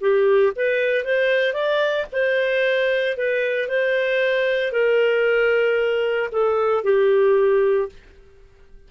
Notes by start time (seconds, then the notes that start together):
0.00 G4
0.56 B4
1.04 C5
1.53 D5
2.12 C5
3.17 B4
3.68 C5
4.72 A#4
6.31 A4
6.83 G4